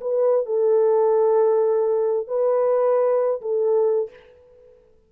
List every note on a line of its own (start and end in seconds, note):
0.00 0.45 B4
0.45 2.27 A4
2.27 3.40 B4
3.41 4.09 A4